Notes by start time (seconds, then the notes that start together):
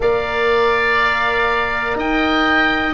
0.00 A#3 A#4 D5 F5
1.95 D#4 D#5 G5